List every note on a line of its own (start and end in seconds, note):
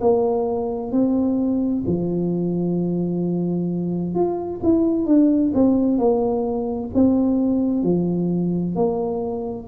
0.00 0.91 A#3
0.91 1.84 C4
1.86 4.14 F3
4.14 4.60 F4
4.63 5.06 E4
5.06 5.52 D4
5.54 5.97 C4
5.97 6.90 A#3
6.94 7.83 C4
7.83 8.75 F3
8.75 9.67 A#3